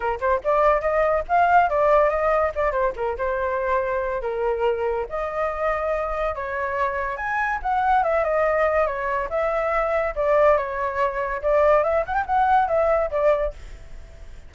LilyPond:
\new Staff \with { instrumentName = "flute" } { \time 4/4 \tempo 4 = 142 ais'8 c''8 d''4 dis''4 f''4 | d''4 dis''4 d''8 c''8 ais'8 c''8~ | c''2 ais'2 | dis''2. cis''4~ |
cis''4 gis''4 fis''4 e''8 dis''8~ | dis''4 cis''4 e''2 | d''4 cis''2 d''4 | e''8 fis''16 g''16 fis''4 e''4 d''4 | }